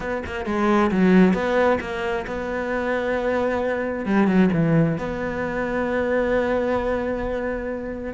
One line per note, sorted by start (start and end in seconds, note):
0.00 0.23 B3
0.26 0.45 A#3
0.45 0.90 G#3
0.91 1.33 F#3
1.33 1.78 B3
1.80 2.25 A#3
2.27 4.05 B3
4.05 4.27 G3
4.27 4.49 F#3
4.53 4.97 E3
4.97 8.13 B3